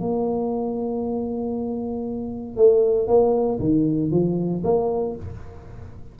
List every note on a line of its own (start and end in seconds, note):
0.00 2.57 A#3
2.57 3.07 A3
3.07 3.59 A#3
3.59 4.11 D#3
4.11 4.62 F3
4.64 5.16 A#3